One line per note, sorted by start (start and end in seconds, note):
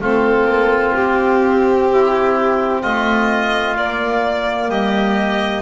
0.00 0.45 A3
0.00 3.75 C4
0.00 1.88 F4
0.00 0.95 A4
0.45 0.92 A#3
0.95 2.83 C4
0.95 2.83 G4
1.92 2.81 E4
2.81 3.76 A3
2.81 4.69 F4
2.81 3.76 D#5
3.76 4.68 A#3
3.76 5.62 A#3
3.76 4.70 D5
4.68 5.62 G3
4.68 5.62 G4
4.68 5.62 D#5